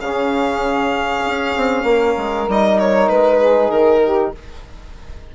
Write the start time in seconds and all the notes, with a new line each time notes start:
0.00 C#3 C#4 G#4 F5
1.25 C#4
1.56 C4
1.83 A#3 A#4
2.17 G#3
2.48 G3 D#4 D#5
2.79 C#5
3.09 G#3 B4
3.38 G#4
3.70 D#3 A#4
4.04 G4